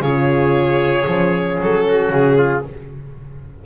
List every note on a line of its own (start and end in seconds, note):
0.00 1.04 C#3
0.00 1.07 F4
0.00 1.86 G#4
0.00 1.58 C#5
1.07 1.59 F3
1.07 2.63 C#4
1.60 2.10 F#3
1.60 2.13 A4
1.87 2.38 F#4
2.10 2.62 C#3
2.10 2.65 G#4
2.38 2.64 F4